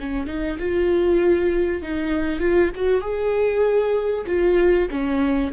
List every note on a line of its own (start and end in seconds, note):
0.00 0.27 C#4
0.27 0.58 D#4
0.59 1.82 F4
1.82 2.40 D#4
2.40 2.71 F4
2.76 3.01 F#4
3.01 4.25 G#4
4.27 4.89 F4
4.91 5.52 C#4